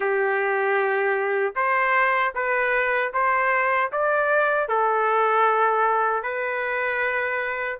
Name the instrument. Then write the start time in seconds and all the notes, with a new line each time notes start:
trumpet
0.00 G4
1.55 C5
2.34 B4
3.13 C5
3.92 D5
4.68 A4
6.22 B4